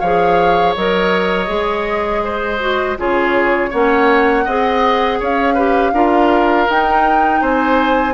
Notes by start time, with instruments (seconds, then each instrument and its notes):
0.00 bassoon F3, clarinet G#4, oboe C#5, flute F5
0.76 bassoon F#3, clarinet A#4, flute D#5
1.47 bassoon G#3, clarinet G#4
2.24 oboe C5
2.60 clarinet F#4
2.98 bassoon C#3, clarinet F4, oboe G#4, flute C#5
3.70 bassoon A#3, clarinet C#4, oboe C#5, flute F#5
4.45 bassoon C4, clarinet G#4, oboe D#5
5.20 bassoon C#4, oboe C#5, flute F5
5.54 clarinet G4, oboe B4
5.93 bassoon D4, clarinet F4, oboe A#4
6.68 clarinet D#4, bassoon D#4, flute G5
7.41 bassoon C4, oboe C5, flute G#5